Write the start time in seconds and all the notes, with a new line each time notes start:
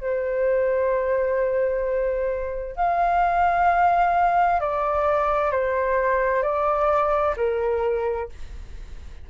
0.00 C5
2.76 F5
4.60 D5
5.51 C5
6.42 D5
7.36 A#4